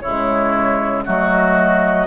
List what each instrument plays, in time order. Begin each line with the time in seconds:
0.00 bassoon C#3, clarinet G#3, oboe E4, flute C#5
1.05 bassoon F#3, clarinet A3, oboe F#4, flute D#5